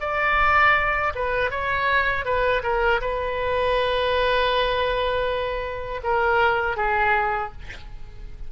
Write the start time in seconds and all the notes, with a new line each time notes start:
0.00 D5
1.15 B4
1.50 C#5
2.24 B4
2.62 A#4
3.01 B4
6.03 A#4
6.76 G#4